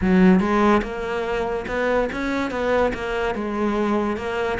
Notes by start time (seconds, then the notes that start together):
0.01 F#3
0.39 G#3
0.82 A#3
1.67 B3
2.12 C#4
2.50 B3
2.94 A#3
3.34 G#3
4.16 A#3